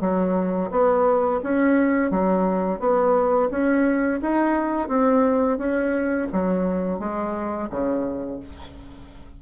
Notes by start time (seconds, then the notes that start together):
0.00 F#3
0.70 B3
1.43 C#4
2.11 F#3
2.79 B3
3.50 C#4
4.21 D#4
4.88 C4
5.58 C#4
6.32 F#3
6.99 G#3
7.70 C#3